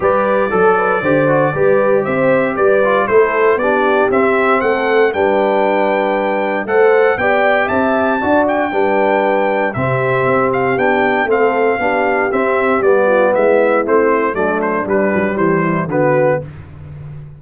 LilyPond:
<<
  \new Staff \with { instrumentName = "trumpet" } { \time 4/4 \tempo 4 = 117 d''1 | e''4 d''4 c''4 d''4 | e''4 fis''4 g''2~ | g''4 fis''4 g''4 a''4~ |
a''8 g''2~ g''8 e''4~ | e''8 f''8 g''4 f''2 | e''4 d''4 e''4 c''4 | d''8 c''8 b'4 c''4 b'4 | }
  \new Staff \with { instrumentName = "horn" } { \time 4/4 b'4 a'8 b'8 c''4 b'4 | c''4 b'4 a'4 g'4~ | g'4 a'4 b'2~ | b'4 c''4 d''4 e''4 |
d''4 b'2 g'4~ | g'2 a'4 g'4~ | g'4. f'8 e'2 | d'2 g'8 e'8 fis'4 | }
  \new Staff \with { instrumentName = "trombone" } { \time 4/4 g'4 a'4 g'8 fis'8 g'4~ | g'4. f'8 e'4 d'4 | c'2 d'2~ | d'4 a'4 g'2 |
fis'4 d'2 c'4~ | c'4 d'4 c'4 d'4 | c'4 b2 c'4 | a4 g2 b4 | }
  \new Staff \with { instrumentName = "tuba" } { \time 4/4 g4 fis4 d4 g4 | c'4 g4 a4 b4 | c'4 a4 g2~ | g4 a4 b4 c'4 |
d'4 g2 c4 | c'4 b4 a4 b4 | c'4 g4 gis4 a4 | fis4 g8 fis8 e4 d4 | }
>>